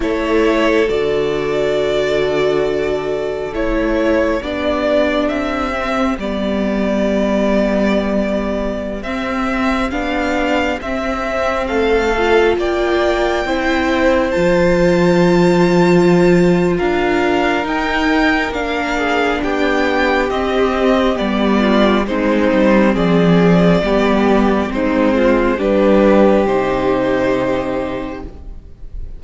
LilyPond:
<<
  \new Staff \with { instrumentName = "violin" } { \time 4/4 \tempo 4 = 68 cis''4 d''2. | cis''4 d''4 e''4 d''4~ | d''2~ d''16 e''4 f''8.~ | f''16 e''4 f''4 g''4.~ g''16~ |
g''16 a''2~ a''8. f''4 | g''4 f''4 g''4 dis''4 | d''4 c''4 d''2 | c''4 b'4 c''2 | }
  \new Staff \with { instrumentName = "violin" } { \time 4/4 a'1~ | a'4 g'2.~ | g'1~ | g'4~ g'16 a'4 d''4 c''8.~ |
c''2. ais'4~ | ais'4. gis'8 g'2~ | g'8 f'8 dis'4 gis'4 g'4 | dis'8 f'8 g'2. | }
  \new Staff \with { instrumentName = "viola" } { \time 4/4 e'4 fis'2. | e'4 d'4. c'8 b4~ | b2~ b16 c'4 d'8.~ | d'16 c'4. f'4. e'8.~ |
e'16 f'2.~ f'8. | dis'4 d'2 c'4 | b4 c'2 b4 | c'4 d'4 dis'2 | }
  \new Staff \with { instrumentName = "cello" } { \time 4/4 a4 d2. | a4 b4 c'4 g4~ | g2~ g16 c'4 b8.~ | b16 c'4 a4 ais4 c'8.~ |
c'16 f2~ f8. d'4 | dis'4 ais4 b4 c'4 | g4 gis8 g8 f4 g4 | gis4 g4 c2 | }
>>